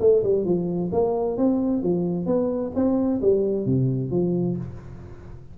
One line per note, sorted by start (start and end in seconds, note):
0.00 0.23 A3
0.23 0.45 G3
0.45 0.91 F3
0.92 1.37 A#3
1.37 1.83 C4
1.83 2.26 F3
2.26 2.72 B3
2.75 3.21 C4
3.22 3.65 G3
3.65 4.11 C3
4.11 4.57 F3